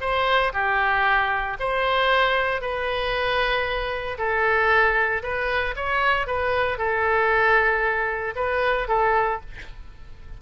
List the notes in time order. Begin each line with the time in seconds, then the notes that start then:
0.00 C5
0.53 G4
1.59 C5
2.61 B4
4.18 A4
5.22 B4
5.76 C#5
6.26 B4
6.78 A4
8.35 B4
8.88 A4